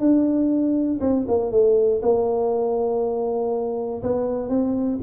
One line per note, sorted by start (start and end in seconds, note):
0.00 1.00 D4
1.01 1.26 C4
1.28 1.52 A#3
1.52 2.02 A3
2.02 4.02 A#3
4.03 4.49 B3
4.49 4.99 C4